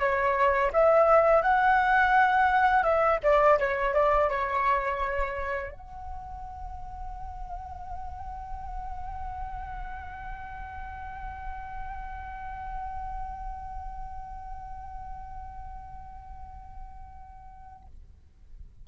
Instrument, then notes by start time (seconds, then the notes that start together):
flute
0.00 C#5
0.73 E5
1.42 F#5
2.83 E5
3.23 D5
3.59 C#5
3.94 D5
4.30 C#5
5.72 F#5